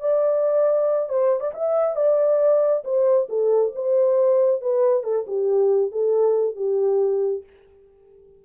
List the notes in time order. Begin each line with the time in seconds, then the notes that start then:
0.00 D5
1.09 C5
1.40 D5
1.54 E5
1.95 D5
2.84 C5
3.29 A4
3.75 C5
4.61 B4
5.03 A4
5.27 G4
5.91 A4
6.56 G4